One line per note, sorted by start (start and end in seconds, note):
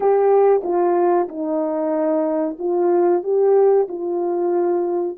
0.00 0.62 G4
0.63 1.28 F4
1.28 2.57 D#4
2.58 3.23 F4
3.23 3.87 G4
3.88 5.17 F4